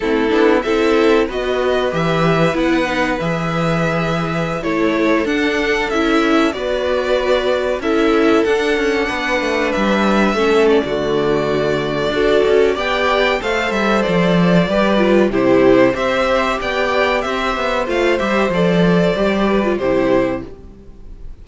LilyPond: <<
  \new Staff \with { instrumentName = "violin" } { \time 4/4 \tempo 4 = 94 a'4 e''4 dis''4 e''4 | fis''4 e''2~ e''16 cis''8.~ | cis''16 fis''4 e''4 d''4.~ d''16~ | d''16 e''4 fis''2 e''8.~ |
e''8. d''2.~ d''16 | g''4 f''8 e''8 d''2 | c''4 e''4 g''4 e''4 | f''8 e''8 d''2 c''4 | }
  \new Staff \with { instrumentName = "violin" } { \time 4/4 e'4 a'4 b'2~ | b'2.~ b'16 a'8.~ | a'2~ a'16 b'4.~ b'16~ | b'16 a'2 b'4.~ b'16~ |
b'16 a'8. fis'2 a'4 | d''4 c''2 b'4 | g'4 c''4 d''4 c''4~ | c''2~ c''8 b'8 g'4 | }
  \new Staff \with { instrumentName = "viola" } { \time 4/4 c'8 d'8 e'4 fis'4 g'4 | e'8 dis'8 gis'2~ gis'16 e'8.~ | e'16 d'4 e'4 fis'4.~ fis'16~ | fis'16 e'4 d'2~ d'8.~ |
d'16 cis'8. a2 fis'4 | g'4 a'2 g'8 f'8 | e'4 g'2. | f'8 g'8 a'4 g'8. f'16 e'4 | }
  \new Staff \with { instrumentName = "cello" } { \time 4/4 a8 b8 c'4 b4 e4 | b4 e2~ e16 a8.~ | a16 d'4 cis'4 b4.~ b16~ | b16 cis'4 d'8 cis'8 b8 a8 g8.~ |
g16 a8. d2 d'8 cis'8 | b4 a8 g8 f4 g4 | c4 c'4 b4 c'8 b8 | a8 g8 f4 g4 c4 | }
>>